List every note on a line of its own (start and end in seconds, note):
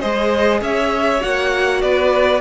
0.00 0.61 G#3
0.00 1.20 G#4
0.00 0.60 C5
0.00 0.60 D#5
0.61 1.21 C#4
0.61 1.81 C#5
0.61 1.22 E5
1.20 1.83 A#3
1.20 2.40 F#4
1.20 1.81 F#5
1.81 2.41 B3
1.81 2.41 B4
1.81 2.41 D5